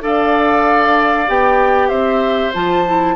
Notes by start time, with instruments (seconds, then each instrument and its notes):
0.00 bassoon D4, clarinet A4, oboe D5, flute F5
1.27 bassoon B3, clarinet G4, flute G5
1.88 bassoon C4, oboe C5, flute E5
2.53 bassoon F3, clarinet F4, flute A5
2.86 clarinet E4